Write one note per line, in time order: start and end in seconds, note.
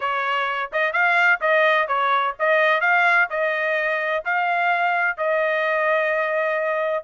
0.00 0.70 C#5
0.72 0.92 D#5
0.92 1.39 F5
1.40 1.87 D#5
1.87 2.34 C#5
2.39 2.81 D#5
2.81 3.27 F5
3.30 4.24 D#5
4.24 5.17 F5
5.17 7.03 D#5